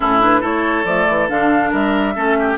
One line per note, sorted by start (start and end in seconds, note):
0.00 0.42 A2
0.00 0.21 C#4
0.00 0.40 E4
0.00 0.20 A4
0.21 0.41 D4
0.21 0.44 B4
0.40 0.84 A3
0.40 0.84 E4
0.40 1.70 A4
0.40 0.85 C#5
0.84 1.06 F3
0.84 1.29 A3
0.84 1.28 D5
1.08 1.29 E3
1.29 1.72 D3
1.29 2.15 D4
1.29 1.72 F5
1.70 2.15 G3
1.70 2.13 A#4
1.70 2.57 E5
2.15 2.57 A3
2.15 2.57 C#4
2.15 2.37 A4
2.39 2.57 G4